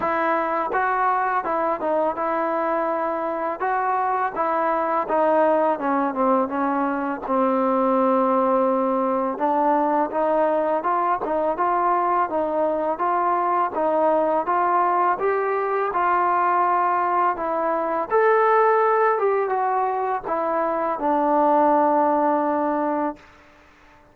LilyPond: \new Staff \with { instrumentName = "trombone" } { \time 4/4 \tempo 4 = 83 e'4 fis'4 e'8 dis'8 e'4~ | e'4 fis'4 e'4 dis'4 | cis'8 c'8 cis'4 c'2~ | c'4 d'4 dis'4 f'8 dis'8 |
f'4 dis'4 f'4 dis'4 | f'4 g'4 f'2 | e'4 a'4. g'8 fis'4 | e'4 d'2. | }